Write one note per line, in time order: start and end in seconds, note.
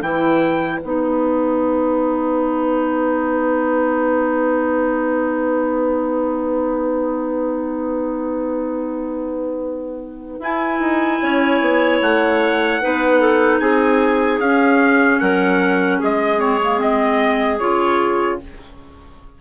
0.00 0.81 E3
0.00 0.82 E4
0.00 11.20 B4
0.00 0.80 G5
0.80 10.39 B3
0.80 10.42 D#4
0.80 10.40 F#5
10.39 10.79 E4
10.39 12.81 E4
10.39 12.02 G#5
10.79 11.19 D#4
11.22 11.61 C#4
11.22 12.82 C#5
11.61 12.01 B3
12.02 12.82 A3
12.02 13.59 F#5
12.81 13.60 B3
12.81 14.41 D#4
12.81 13.21 B4
13.21 13.61 A4
13.59 14.39 C4
13.59 15.21 G#4
13.59 14.39 G#5
14.39 15.19 C#4
14.39 16.38 C#4
14.39 15.20 F5
15.20 16.01 F#3
15.20 15.99 A#4
15.20 16.00 F#5
15.99 17.61 G#3
15.99 18.39 G#4
15.99 16.40 D#5
16.38 16.58 C4
16.38 16.80 C#5
16.63 16.78 A#3
16.78 17.58 C4
16.78 17.59 D#5
17.59 18.41 C#3
17.59 18.40 F4
17.59 18.39 C#5